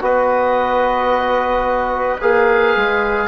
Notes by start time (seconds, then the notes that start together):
0.00 B3 F#4 B4 D#5
2.21 A#3 G#4 F5
2.75 G#3